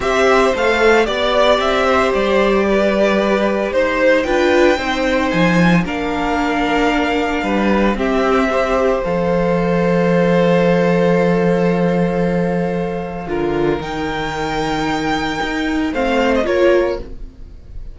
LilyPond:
<<
  \new Staff \with { instrumentName = "violin" } { \time 4/4 \tempo 4 = 113 e''4 f''4 d''4 e''4 | d''2. c''4 | g''2 gis''4 f''4~ | f''2. e''4~ |
e''4 f''2.~ | f''1~ | f''2 g''2~ | g''2 f''8. dis''16 cis''4 | }
  \new Staff \with { instrumentName = "violin" } { \time 4/4 c''2 d''4. c''8~ | c''4 b'2 c''4 | b'4 c''2 ais'4~ | ais'2 b'4 g'4 |
c''1~ | c''1~ | c''4 ais'2.~ | ais'2 c''4 ais'4 | }
  \new Staff \with { instrumentName = "viola" } { \time 4/4 g'4 a'4 g'2~ | g'1 | f'4 dis'2 d'4~ | d'2. c'4 |
g'4 a'2.~ | a'1~ | a'4 f'4 dis'2~ | dis'2 c'4 f'4 | }
  \new Staff \with { instrumentName = "cello" } { \time 4/4 c'4 a4 b4 c'4 | g2. dis'4 | d'4 c'4 f4 ais4~ | ais2 g4 c'4~ |
c'4 f2.~ | f1~ | f4 d4 dis2~ | dis4 dis'4 a4 ais4 | }
>>